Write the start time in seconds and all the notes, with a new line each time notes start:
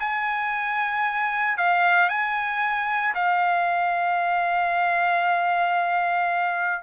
0.00 G#5
1.58 F5
2.09 G#5
3.15 F5